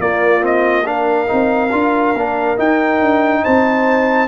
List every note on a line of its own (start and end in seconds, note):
0.00 1.29 A#3
0.00 0.41 A#3
0.00 0.87 F4
0.00 0.44 D5
0.41 0.84 C4
0.41 0.87 D#5
0.85 1.27 D4
0.85 3.43 A#4
0.85 2.58 F5
1.27 1.72 C4
1.27 1.69 D#4
1.72 2.14 D4
1.72 2.15 F4
2.14 2.57 A#3
2.14 2.57 D4
2.57 4.27 D#4
2.57 3.01 D#4
2.57 3.44 G5
3.01 3.44 D4
3.43 4.27 C4
3.43 4.27 C5
3.43 4.27 A5